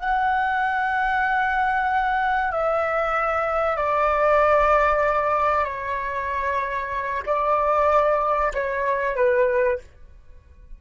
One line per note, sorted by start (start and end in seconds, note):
0.00 2.52 F#5
2.52 3.77 E5
3.77 5.65 D5
5.65 7.23 C#5
7.27 8.53 D5
8.54 9.16 C#5
9.16 9.79 B4